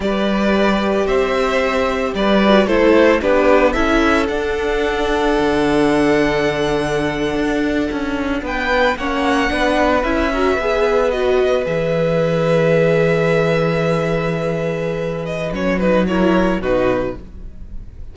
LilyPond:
<<
  \new Staff \with { instrumentName = "violin" } { \time 4/4 \tempo 4 = 112 d''2 e''2 | d''4 c''4 b'4 e''4 | fis''1~ | fis''2.~ fis''8. g''16~ |
g''8. fis''2 e''4~ e''16~ | e''8. dis''4 e''2~ e''16~ | e''1~ | e''8 dis''8 cis''8 b'8 cis''4 b'4 | }
  \new Staff \with { instrumentName = "violin" } { \time 4/4 b'2 c''2 | b'4 a'4 g'4 a'4~ | a'1~ | a'2.~ a'8. b'16~ |
b'8. cis''4 b'4. ais'8 b'16~ | b'1~ | b'1~ | b'2 ais'4 fis'4 | }
  \new Staff \with { instrumentName = "viola" } { \time 4/4 g'1~ | g'8 fis'8 e'4 d'4 e'4 | d'1~ | d'1~ |
d'8. cis'4 d'4 e'8 fis'8 gis'16~ | gis'8. fis'4 gis'2~ gis'16~ | gis'1~ | gis'4 cis'8 dis'8 e'4 dis'4 | }
  \new Staff \with { instrumentName = "cello" } { \time 4/4 g2 c'2 | g4 a4 b4 cis'4 | d'2 d2~ | d4.~ d16 d'4 cis'4 b16~ |
b8. ais4 b4 cis'4 b16~ | b4.~ b16 e2~ e16~ | e1~ | e4 fis2 b,4 | }
>>